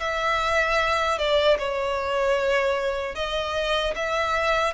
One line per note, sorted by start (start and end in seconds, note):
0.00 1.18 E5
1.18 1.58 D5
1.59 3.15 C#5
3.15 3.94 D#5
3.95 4.74 E5